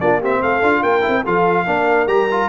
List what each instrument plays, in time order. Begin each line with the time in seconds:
0.00 tuba A#3, trombone D4, horn F4, trumpet D5
0.20 trombone C4, horn G4, trumpet E5
0.42 tuba A3, horn A4, trumpet F5
0.62 tuba D4, trombone F4
0.82 tuba A#3, horn A#4, trumpet G5
1.01 trombone E4
1.08 tuba C4
1.25 tuba F3, trombone F4, horn A4, trumpet F5
1.66 tuba A#3, trombone D4, horn A#4
2.07 tuba G3, trombone G4, trumpet A#5
2.31 trombone F4